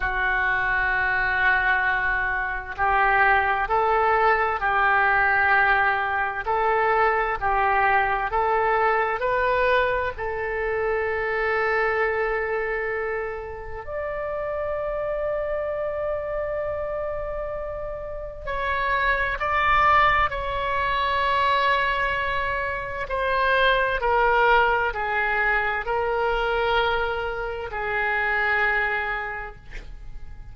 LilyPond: \new Staff \with { instrumentName = "oboe" } { \time 4/4 \tempo 4 = 65 fis'2. g'4 | a'4 g'2 a'4 | g'4 a'4 b'4 a'4~ | a'2. d''4~ |
d''1 | cis''4 d''4 cis''2~ | cis''4 c''4 ais'4 gis'4 | ais'2 gis'2 | }